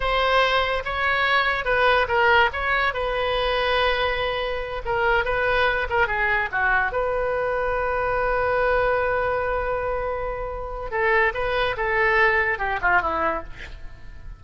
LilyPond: \new Staff \with { instrumentName = "oboe" } { \time 4/4 \tempo 4 = 143 c''2 cis''2 | b'4 ais'4 cis''4 b'4~ | b'2.~ b'8 ais'8~ | ais'8 b'4. ais'8 gis'4 fis'8~ |
fis'8 b'2.~ b'8~ | b'1~ | b'2 a'4 b'4 | a'2 g'8 f'8 e'4 | }